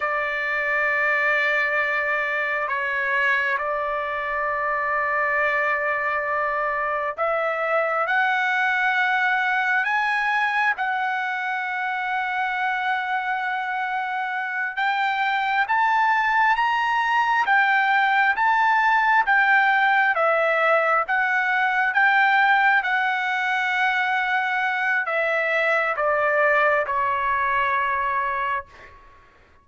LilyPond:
\new Staff \with { instrumentName = "trumpet" } { \time 4/4 \tempo 4 = 67 d''2. cis''4 | d''1 | e''4 fis''2 gis''4 | fis''1~ |
fis''8 g''4 a''4 ais''4 g''8~ | g''8 a''4 g''4 e''4 fis''8~ | fis''8 g''4 fis''2~ fis''8 | e''4 d''4 cis''2 | }